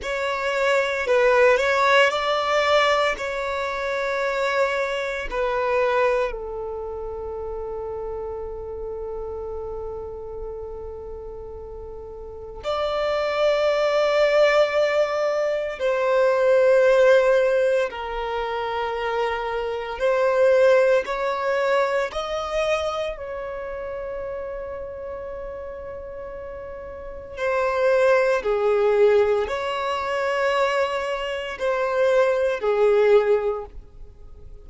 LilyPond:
\new Staff \with { instrumentName = "violin" } { \time 4/4 \tempo 4 = 57 cis''4 b'8 cis''8 d''4 cis''4~ | cis''4 b'4 a'2~ | a'1 | d''2. c''4~ |
c''4 ais'2 c''4 | cis''4 dis''4 cis''2~ | cis''2 c''4 gis'4 | cis''2 c''4 gis'4 | }